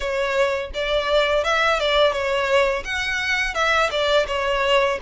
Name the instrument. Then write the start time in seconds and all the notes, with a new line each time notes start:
violin
0.00 C#5
0.73 D5
1.44 E5
1.79 D5
2.12 C#5
2.84 F#5
3.54 E5
3.90 D5
4.27 C#5